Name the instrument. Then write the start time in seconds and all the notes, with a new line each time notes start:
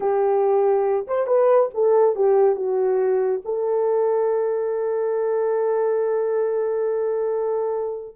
horn
0.00 G4
1.07 C5
1.26 B4
1.74 A4
2.15 G4
2.55 F#4
3.44 A4